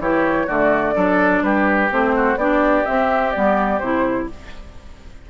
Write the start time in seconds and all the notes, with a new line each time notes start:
0.00 E3 E4 G4 C#5
0.47 D3 A3 F#4 D5
0.95 F#3 D4 A4
1.43 G3 G4 B4
1.90 A3 C4 C5
2.16 F#4
2.37 B3 D4 G4 D5
2.85 C4 E5
3.32 G3 B3 D5
3.79 C3 E4 C5